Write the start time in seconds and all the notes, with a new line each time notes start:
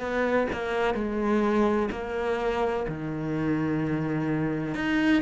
0.00 B3
0.53 A#3
0.94 G#3
1.91 A#3
2.88 D#3
4.74 D#4